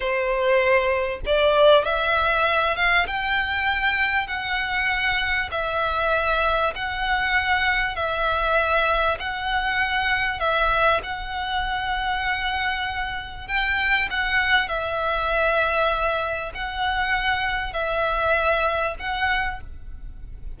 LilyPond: \new Staff \with { instrumentName = "violin" } { \time 4/4 \tempo 4 = 98 c''2 d''4 e''4~ | e''8 f''8 g''2 fis''4~ | fis''4 e''2 fis''4~ | fis''4 e''2 fis''4~ |
fis''4 e''4 fis''2~ | fis''2 g''4 fis''4 | e''2. fis''4~ | fis''4 e''2 fis''4 | }